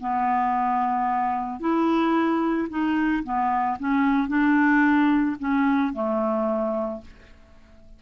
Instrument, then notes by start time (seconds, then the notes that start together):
clarinet
0.00 B3
1.60 E4
2.69 D#4
3.24 B3
3.79 C#4
4.28 D4
5.39 C#4
5.93 A3